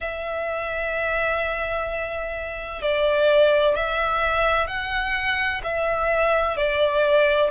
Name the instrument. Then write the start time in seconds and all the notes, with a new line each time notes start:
violin
0.00 E5
2.81 D5
3.75 E5
4.67 F#5
5.63 E5
6.56 D5